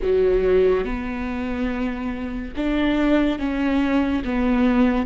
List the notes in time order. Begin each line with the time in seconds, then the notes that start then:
0.02 F#3
0.85 B3
2.56 D4
3.38 C#4
4.24 B3